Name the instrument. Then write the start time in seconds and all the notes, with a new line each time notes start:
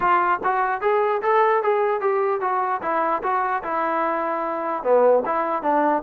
trombone
0.00 F4
0.43 F#4
0.81 G#4
1.22 A4
1.62 G#4
2.00 G4
2.41 F#4
2.82 E4
3.22 F#4
3.63 E4
4.83 B3
5.25 E4
5.62 D4